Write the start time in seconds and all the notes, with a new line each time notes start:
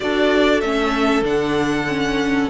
0.00 D4 F#4 A4 D5
0.61 A3 C#4 E5
1.21 D3 D4 F#5
1.87 C#4